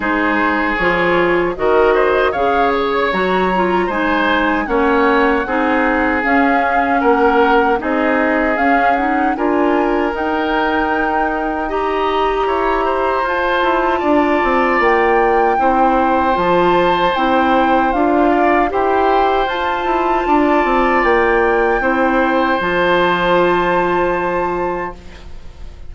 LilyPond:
<<
  \new Staff \with { instrumentName = "flute" } { \time 4/4 \tempo 4 = 77 c''4 cis''4 dis''4 f''8 cis''8 | ais''4 gis''4 fis''2 | f''4 fis''4 dis''4 f''8 fis''8 | gis''4 g''2 ais''4~ |
ais''4 a''2 g''4~ | g''4 a''4 g''4 f''4 | g''4 a''2 g''4~ | g''4 a''2. | }
  \new Staff \with { instrumentName = "oboe" } { \time 4/4 gis'2 ais'8 c''8 cis''4~ | cis''4 c''4 cis''4 gis'4~ | gis'4 ais'4 gis'2 | ais'2. dis''4 |
cis''8 c''4. d''2 | c''2.~ c''8 d''8 | c''2 d''2 | c''1 | }
  \new Staff \with { instrumentName = "clarinet" } { \time 4/4 dis'4 f'4 fis'4 gis'4 | fis'8 f'8 dis'4 cis'4 dis'4 | cis'2 dis'4 cis'8 dis'8 | f'4 dis'2 g'4~ |
g'4 f'2. | e'4 f'4 e'4 f'4 | g'4 f'2. | e'4 f'2. | }
  \new Staff \with { instrumentName = "bassoon" } { \time 4/4 gis4 f4 dis4 cis4 | fis4 gis4 ais4 c'4 | cis'4 ais4 c'4 cis'4 | d'4 dis'2. |
e'4 f'8 e'8 d'8 c'8 ais4 | c'4 f4 c'4 d'4 | e'4 f'8 e'8 d'8 c'8 ais4 | c'4 f2. | }
>>